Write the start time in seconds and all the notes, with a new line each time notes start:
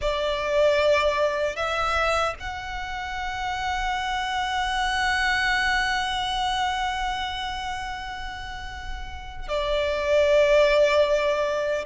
0.01 D5
1.55 E5
2.39 F#5
9.48 D5